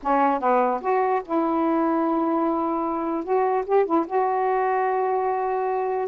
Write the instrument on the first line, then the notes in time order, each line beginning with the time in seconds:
saxophone
0.03 C#4
0.40 B3
0.81 F#4
1.25 E4
3.24 F#4
3.66 G4
3.85 E4
4.07 F#4